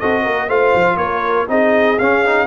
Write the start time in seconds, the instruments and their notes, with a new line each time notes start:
0.00 tuba C4, trombone F#4, horn A4, trumpet D#5
0.23 tuba A#3, horn A#4
0.48 tuba A3, trombone F4, horn C5, trumpet F5
0.75 tuba F3
0.97 tuba A#3, horn A#4, trumpet C#5
1.48 tuba C4, trombone D#4, horn G#4, trumpet D#5
1.99 tuba C#4, trombone C#4, trumpet F5
2.26 trombone D#4